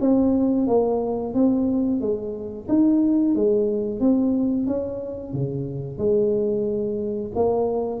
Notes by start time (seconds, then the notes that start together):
0.00 C4
0.67 A#3
1.34 C4
2.00 G#3
2.68 D#4
3.35 G#3
4.00 C4
4.66 C#4
5.33 C#3
5.98 G#3
7.35 A#3